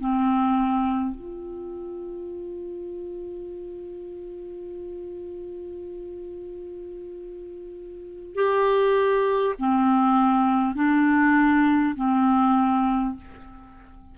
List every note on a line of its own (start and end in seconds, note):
0.00 1.16 C4
1.16 8.35 F4
8.35 9.55 G4
9.59 10.76 C4
10.76 11.96 D4
11.96 13.16 C4